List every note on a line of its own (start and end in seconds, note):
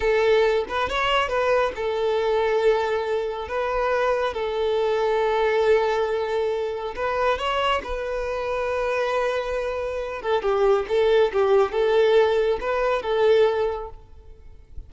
0.00 0.64 A4
0.68 0.89 B4
0.89 1.28 C#5
1.28 1.72 B4
1.75 3.48 A4
3.48 4.33 B4
4.33 6.94 A4
6.95 7.38 B4
7.38 7.81 C#5
7.83 10.22 B4
10.22 10.42 A4
10.42 10.86 G4
10.88 11.32 A4
11.32 11.72 G4
11.72 12.58 A4
12.60 13.02 B4
13.02 13.89 A4